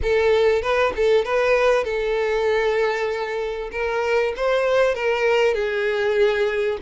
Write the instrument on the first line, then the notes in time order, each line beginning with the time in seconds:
violin
0.02 A4
0.62 B4
0.96 A4
1.25 B4
1.84 A4
3.71 A#4
4.36 C5
4.95 A#4
5.54 G#4